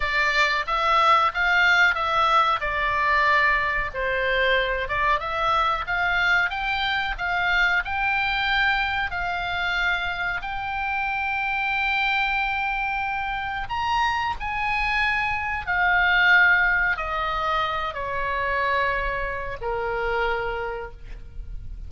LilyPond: \new Staff \with { instrumentName = "oboe" } { \time 4/4 \tempo 4 = 92 d''4 e''4 f''4 e''4 | d''2 c''4. d''8 | e''4 f''4 g''4 f''4 | g''2 f''2 |
g''1~ | g''4 ais''4 gis''2 | f''2 dis''4. cis''8~ | cis''2 ais'2 | }